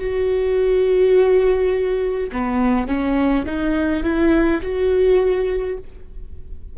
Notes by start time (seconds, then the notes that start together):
0.00 F#4
2.32 B3
2.88 C#4
3.46 D#4
4.04 E4
4.62 F#4